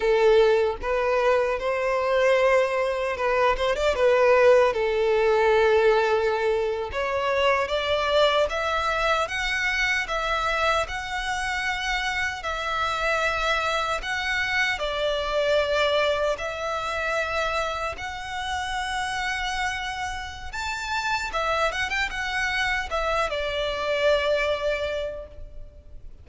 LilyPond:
\new Staff \with { instrumentName = "violin" } { \time 4/4 \tempo 4 = 76 a'4 b'4 c''2 | b'8 c''16 d''16 b'4 a'2~ | a'8. cis''4 d''4 e''4 fis''16~ | fis''8. e''4 fis''2 e''16~ |
e''4.~ e''16 fis''4 d''4~ d''16~ | d''8. e''2 fis''4~ fis''16~ | fis''2 a''4 e''8 fis''16 g''16 | fis''4 e''8 d''2~ d''8 | }